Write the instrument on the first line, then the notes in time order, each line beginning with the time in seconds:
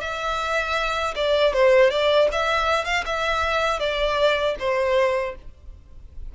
violin
0.00 E5
1.15 D5
1.53 C5
1.90 D5
2.32 E5
2.84 F5
3.05 E5
3.79 D5
4.59 C5